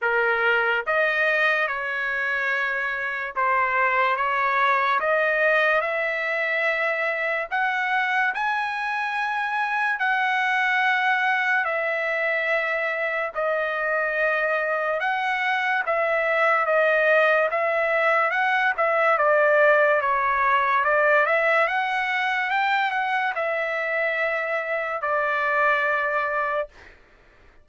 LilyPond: \new Staff \with { instrumentName = "trumpet" } { \time 4/4 \tempo 4 = 72 ais'4 dis''4 cis''2 | c''4 cis''4 dis''4 e''4~ | e''4 fis''4 gis''2 | fis''2 e''2 |
dis''2 fis''4 e''4 | dis''4 e''4 fis''8 e''8 d''4 | cis''4 d''8 e''8 fis''4 g''8 fis''8 | e''2 d''2 | }